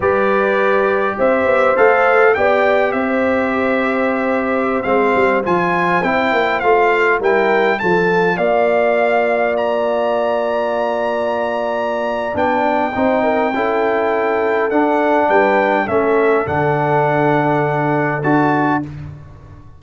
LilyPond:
<<
  \new Staff \with { instrumentName = "trumpet" } { \time 4/4 \tempo 4 = 102 d''2 e''4 f''4 | g''4 e''2.~ | e''16 f''4 gis''4 g''4 f''8.~ | f''16 g''4 a''4 f''4.~ f''16~ |
f''16 ais''2.~ ais''8.~ | ais''4 g''2.~ | g''4 fis''4 g''4 e''4 | fis''2. a''4 | }
  \new Staff \with { instrumentName = "horn" } { \time 4/4 b'2 c''2 | d''4 c''2.~ | c''1~ | c''16 ais'4 a'4 d''4.~ d''16~ |
d''1~ | d''2 c''8 ais'8 a'4~ | a'2 b'4 a'4~ | a'1 | }
  \new Staff \with { instrumentName = "trombone" } { \time 4/4 g'2. a'4 | g'1~ | g'16 c'4 f'4 e'4 f'8.~ | f'16 e'4 f'2~ f'8.~ |
f'1~ | f'4 d'4 dis'4 e'4~ | e'4 d'2 cis'4 | d'2. fis'4 | }
  \new Staff \with { instrumentName = "tuba" } { \time 4/4 g2 c'8 b8 a4 | b4 c'2.~ | c'16 gis8 g8 f4 c'8 ais8 a8.~ | a16 g4 f4 ais4.~ ais16~ |
ais1~ | ais4 b4 c'4 cis'4~ | cis'4 d'4 g4 a4 | d2. d'4 | }
>>